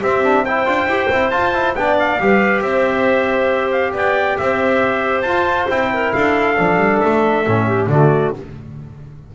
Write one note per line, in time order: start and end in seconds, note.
0.00 0.24 C4
0.00 0.68 C4
0.00 0.44 G4
0.00 0.46 E5
0.24 0.46 D4
0.46 0.67 E4
0.46 1.78 C5
0.46 1.31 G5
0.67 0.86 D4
0.67 0.89 F4
0.86 1.08 E4
0.86 1.11 G4
1.11 1.32 C4
1.11 1.32 E4
1.31 1.54 F4
1.31 1.75 F4
1.31 1.74 A5
1.54 1.76 E4
1.75 2.19 B3
1.75 2.20 D4
1.75 2.22 D5
1.75 1.98 G5
2.00 2.63 F5
2.20 2.62 G3
2.20 5.27 G4
2.20 2.64 B4
2.62 3.93 C4
2.62 3.94 C5
2.62 3.72 E5
3.73 3.94 F5
3.94 4.38 B3
3.94 4.37 D5
3.94 4.39 G5
4.39 5.24 C4
4.39 5.94 C5
4.39 5.22 E5
5.22 5.68 F4
5.22 5.66 A5
5.28 5.70 F4
5.70 6.14 C4
5.70 6.58 E4
5.70 6.13 G5
5.94 6.16 A#4
6.13 6.59 D4
6.13 7.67 A4
6.13 7.00 F5
6.58 6.77 F3
6.58 7.46 D4
6.77 6.99 G3
7.00 7.47 A3
7.00 7.88 E5
7.47 7.87 A2
7.47 7.91 C#4
7.67 7.89 G4
7.87 8.31 D3
7.87 8.35 A3
7.87 8.34 F#4
7.87 8.35 D5